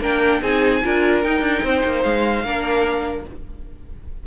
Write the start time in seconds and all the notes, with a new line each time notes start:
0.00 A#3 D4 A#4 G5
0.41 C4 D#4 G#4 G#5
0.83 D4 F4 A#4
1.22 D#4 G5
1.41 D4
1.62 C4 C5
1.84 A#3
2.02 G#3 F5
2.43 A#3 D4 A#4